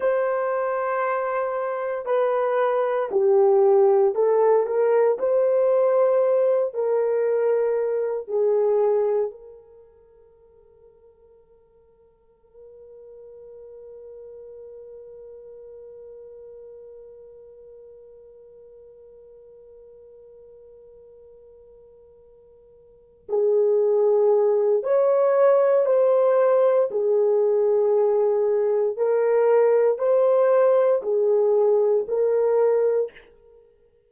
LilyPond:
\new Staff \with { instrumentName = "horn" } { \time 4/4 \tempo 4 = 58 c''2 b'4 g'4 | a'8 ais'8 c''4. ais'4. | gis'4 ais'2.~ | ais'1~ |
ais'1~ | ais'2~ ais'8 gis'4. | cis''4 c''4 gis'2 | ais'4 c''4 gis'4 ais'4 | }